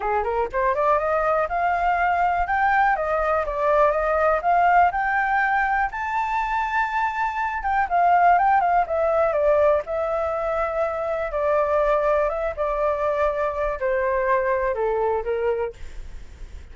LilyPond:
\new Staff \with { instrumentName = "flute" } { \time 4/4 \tempo 4 = 122 gis'8 ais'8 c''8 d''8 dis''4 f''4~ | f''4 g''4 dis''4 d''4 | dis''4 f''4 g''2 | a''2.~ a''8 g''8 |
f''4 g''8 f''8 e''4 d''4 | e''2. d''4~ | d''4 e''8 d''2~ d''8 | c''2 a'4 ais'4 | }